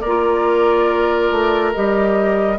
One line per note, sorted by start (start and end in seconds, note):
0.00 1.31 A#3
0.00 2.58 A#4
0.00 1.71 D5
0.07 1.74 F4
1.31 1.74 A3
1.73 2.59 G3
1.73 2.59 G4
1.73 2.59 D#5